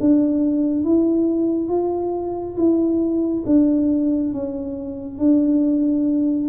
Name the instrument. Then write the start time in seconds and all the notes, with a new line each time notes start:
tuba
0.00 D4
0.84 E4
1.69 F4
2.57 E4
3.45 D4
4.32 C#4
5.18 D4